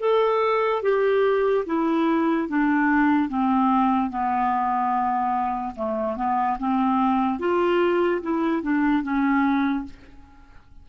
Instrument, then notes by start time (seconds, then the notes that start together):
clarinet
0.00 A4
0.82 G4
1.66 E4
2.48 D4
3.28 C4
4.09 B3
5.75 A3
6.16 B3
6.59 C4
7.39 F4
8.22 E4
8.62 D4
9.03 C#4